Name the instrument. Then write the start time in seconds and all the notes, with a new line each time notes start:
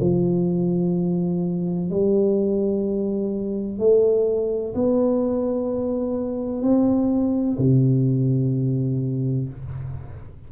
tuba
0.00 F3
1.90 G3
3.78 A3
4.74 B3
6.62 C4
7.58 C3